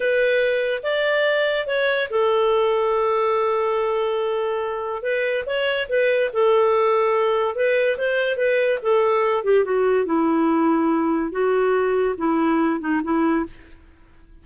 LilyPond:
\new Staff \with { instrumentName = "clarinet" } { \time 4/4 \tempo 4 = 143 b'2 d''2 | cis''4 a'2.~ | a'1 | b'4 cis''4 b'4 a'4~ |
a'2 b'4 c''4 | b'4 a'4. g'8 fis'4 | e'2. fis'4~ | fis'4 e'4. dis'8 e'4 | }